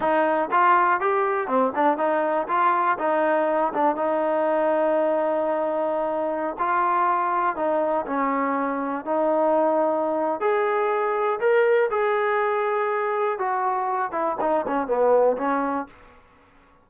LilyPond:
\new Staff \with { instrumentName = "trombone" } { \time 4/4 \tempo 4 = 121 dis'4 f'4 g'4 c'8 d'8 | dis'4 f'4 dis'4. d'8 | dis'1~ | dis'4~ dis'16 f'2 dis'8.~ |
dis'16 cis'2 dis'4.~ dis'16~ | dis'4 gis'2 ais'4 | gis'2. fis'4~ | fis'8 e'8 dis'8 cis'8 b4 cis'4 | }